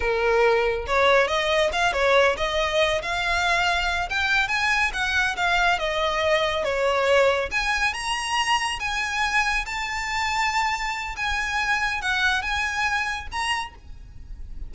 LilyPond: \new Staff \with { instrumentName = "violin" } { \time 4/4 \tempo 4 = 140 ais'2 cis''4 dis''4 | f''8 cis''4 dis''4. f''4~ | f''4. g''4 gis''4 fis''8~ | fis''8 f''4 dis''2 cis''8~ |
cis''4. gis''4 ais''4.~ | ais''8 gis''2 a''4.~ | a''2 gis''2 | fis''4 gis''2 ais''4 | }